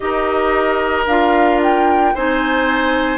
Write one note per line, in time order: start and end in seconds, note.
0.00 1.06 D#4
0.00 1.06 G4
0.00 2.14 A#4
0.00 1.04 D#5
1.06 2.14 D4
1.06 2.16 F4
1.06 1.60 F5
1.62 2.16 G5
2.14 3.17 C4
2.14 3.17 D#4
2.14 3.17 C5
2.14 3.17 G#5